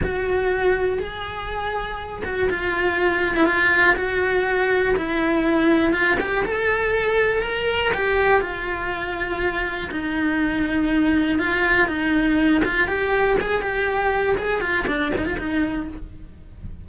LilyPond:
\new Staff \with { instrumentName = "cello" } { \time 4/4 \tempo 4 = 121 fis'2 gis'2~ | gis'8 fis'8 f'4.~ f'16 e'16 f'4 | fis'2 e'2 | f'8 g'8 a'2 ais'4 |
g'4 f'2. | dis'2. f'4 | dis'4. f'8 g'4 gis'8 g'8~ | g'4 gis'8 f'8 d'8 dis'16 f'16 dis'4 | }